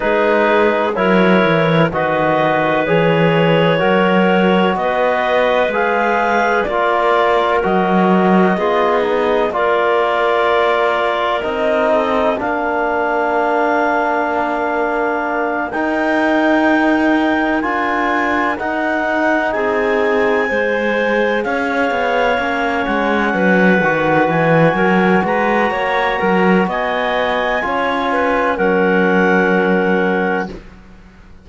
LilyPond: <<
  \new Staff \with { instrumentName = "clarinet" } { \time 4/4 \tempo 4 = 63 b'4 cis''4 dis''4 cis''4~ | cis''4 dis''4 f''4 d''4 | dis''2 d''2 | dis''4 f''2.~ |
f''8 g''2 gis''4 fis''8~ | fis''8 gis''2 f''4. | fis''4. gis''4 ais''4. | gis''2 fis''2 | }
  \new Staff \with { instrumentName = "clarinet" } { \time 4/4 gis'4 ais'4 b'2 | ais'4 b'2 ais'4~ | ais'4 gis'4 ais'2~ | ais'8 a'8 ais'2.~ |
ais'1~ | ais'8 gis'4 c''4 cis''4.~ | cis''8 b'4. ais'8 b'8 cis''8 ais'8 | dis''4 cis''8 b'8 ais'2 | }
  \new Staff \with { instrumentName = "trombone" } { \time 4/4 dis'4 e'4 fis'4 gis'4 | fis'2 gis'4 f'4 | fis'4 f'8 dis'8 f'2 | dis'4 d'2.~ |
d'8 dis'2 f'4 dis'8~ | dis'4. gis'2 cis'8~ | cis'4 fis'2.~ | fis'4 f'4 cis'2 | }
  \new Staff \with { instrumentName = "cello" } { \time 4/4 gis4 fis8 e8 dis4 e4 | fis4 b4 gis4 ais4 | fis4 b4 ais2 | c'4 ais2.~ |
ais8 dis'2 d'4 dis'8~ | dis'8 c'4 gis4 cis'8 b8 ais8 | gis8 fis8 dis8 e8 fis8 gis8 ais8 fis8 | b4 cis'4 fis2 | }
>>